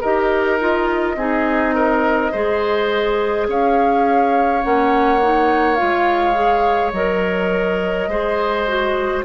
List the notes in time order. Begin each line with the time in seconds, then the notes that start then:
0.00 D#4 G4 A#4 D#5
0.59 F4
1.15 C4 D#4 G#4
1.75 A#4
2.31 G#3 G#4 C5
3.48 C#4 C#5 F5
4.62 A#3 C#4 F#5
5.21 D#4
5.75 F4 F5
5.81 G#3
6.34 G#4
6.92 F#3 A#4 D#5
8.07 G#3 G#4 C5
8.67 F#4